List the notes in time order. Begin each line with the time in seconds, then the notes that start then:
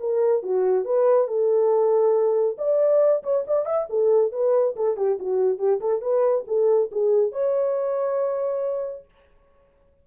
0.00 A#4
0.42 F#4
0.85 B4
1.27 A4
2.58 D5
3.23 C#5
3.47 D5
3.65 E5
3.89 A4
4.32 B4
4.76 A4
4.97 G4
5.19 F#4
5.58 G4
5.80 A4
6.01 B4
6.47 A4
6.91 G#4
7.32 C#5